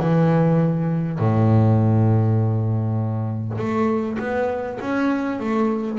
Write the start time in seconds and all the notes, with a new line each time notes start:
0.00 E3
1.19 A2
3.58 A3
4.19 B3
4.81 C#4
5.40 A3